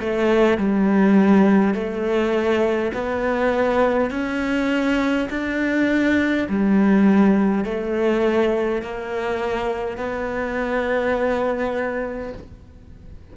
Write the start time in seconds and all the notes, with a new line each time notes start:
0.00 A3
0.58 G3
1.74 A3
2.94 B3
4.11 C#4
5.30 D4
6.49 G3
7.65 A3
8.82 A#3
9.97 B3